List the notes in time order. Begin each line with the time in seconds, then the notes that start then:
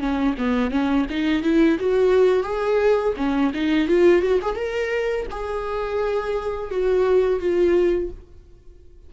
0.00 C#4
0.39 B3
0.71 C#4
1.11 D#4
1.43 E4
1.80 F#4
2.44 G#4
3.17 C#4
3.55 D#4
3.88 F4
4.23 F#4
4.42 G#4
4.56 A#4
5.31 G#4
6.72 F#4
7.40 F4